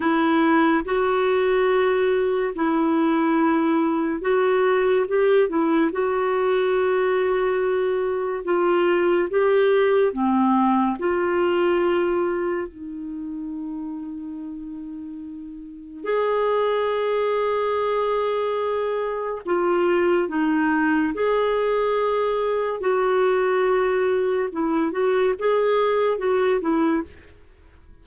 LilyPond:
\new Staff \with { instrumentName = "clarinet" } { \time 4/4 \tempo 4 = 71 e'4 fis'2 e'4~ | e'4 fis'4 g'8 e'8 fis'4~ | fis'2 f'4 g'4 | c'4 f'2 dis'4~ |
dis'2. gis'4~ | gis'2. f'4 | dis'4 gis'2 fis'4~ | fis'4 e'8 fis'8 gis'4 fis'8 e'8 | }